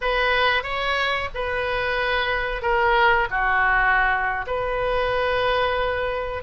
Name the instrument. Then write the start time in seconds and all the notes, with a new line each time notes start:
oboe
0.01 B4
0.63 C#5
1.34 B4
2.62 A#4
3.30 F#4
4.47 B4